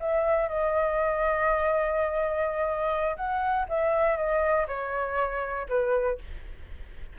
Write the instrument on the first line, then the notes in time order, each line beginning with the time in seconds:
flute
0.00 E5
0.49 D#5
3.16 F#5
3.69 E5
4.17 D#5
4.68 C#5
5.69 B4